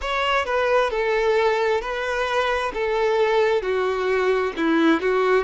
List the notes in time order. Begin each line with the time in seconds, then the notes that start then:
0.01 C#5
0.45 B4
0.90 A4
1.81 B4
2.73 A4
3.62 F#4
4.56 E4
5.00 F#4